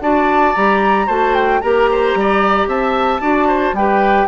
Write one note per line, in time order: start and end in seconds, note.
0.00 0.54 D4
0.00 0.55 F#4
0.00 1.06 D5
0.00 0.55 A5
0.55 1.08 G3
0.55 1.07 G4
0.55 1.09 A#5
1.06 1.62 A3
1.06 1.61 F#4
1.06 1.60 C5
1.06 1.34 A5
1.34 1.60 G5
1.60 2.15 A#3
1.60 3.20 G4
1.60 1.89 A#4
1.60 2.68 A#5
1.92 2.18 C5
2.15 2.67 G3
2.15 2.68 D5
2.67 3.20 C4
2.67 3.21 E5
2.67 3.75 A5
3.20 3.73 D4
3.20 3.74 F#4
3.20 3.48 D5
3.48 3.74 C5
3.73 4.26 G3
3.73 4.27 G4
3.73 4.27 B4
3.73 4.27 G5